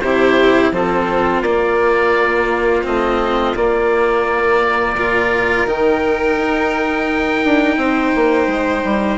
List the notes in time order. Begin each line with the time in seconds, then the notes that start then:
0.00 C3 E4 G4 C5
0.71 F3 C4 F4 A4
1.41 A#3 D5
2.83 A3 C4 D#5
3.55 A#3 D5
4.94 A#2 F4 A#4
5.65 D#3 D#4 G5
6.36 D#4
7.44 D4
7.76 C4 C5
8.15 A#3
8.47 G#3
8.84 G3